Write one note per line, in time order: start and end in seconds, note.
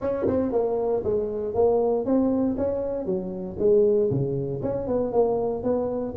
0.01 0.26 C#4
0.27 0.52 C4
0.52 1.03 A#3
1.04 1.54 G#3
1.54 2.05 A#3
2.05 2.56 C4
2.57 3.05 C#4
3.05 3.56 F#3
3.58 4.10 G#3
4.10 4.62 C#3
4.62 4.87 C#4
4.87 5.12 B3
5.12 5.63 A#3
5.63 6.14 B3